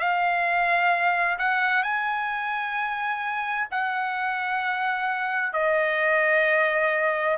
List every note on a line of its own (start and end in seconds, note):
0.00 1.38 F5
1.39 1.83 F#5
1.83 3.68 G#5
3.71 5.53 F#5
5.53 7.38 D#5